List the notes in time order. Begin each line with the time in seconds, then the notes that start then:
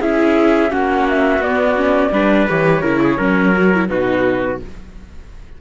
0.00 C#4 E4 G#4 E5
0.69 A#3 C#4 F#4 F#5
1.08 E5
1.38 B3 D5
1.76 C#4
2.11 G3 D4 B4
2.49 E3 G4 C#5
2.81 C#3 E4 A#4
3.03 G#4
3.18 F#3 C#4 A#4
3.55 F#4
3.74 E4
3.88 B2 D#4 F#4 B4